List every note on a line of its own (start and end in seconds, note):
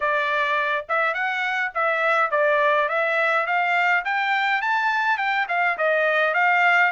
0.00 0.85 D5
0.88 1.14 E5
1.14 1.72 F#5
1.74 2.31 E5
2.31 2.88 D5
2.88 3.46 E5
3.46 4.04 F5
4.04 4.61 G5
4.61 5.17 A5
5.17 5.46 G5
5.48 5.77 F5
5.77 6.33 D#5
6.33 6.91 F5